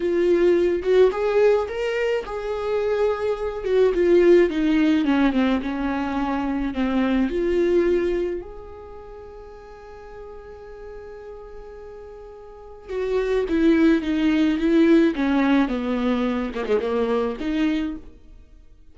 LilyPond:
\new Staff \with { instrumentName = "viola" } { \time 4/4 \tempo 4 = 107 f'4. fis'8 gis'4 ais'4 | gis'2~ gis'8 fis'8 f'4 | dis'4 cis'8 c'8 cis'2 | c'4 f'2 gis'4~ |
gis'1~ | gis'2. fis'4 | e'4 dis'4 e'4 cis'4 | b4. ais16 gis16 ais4 dis'4 | }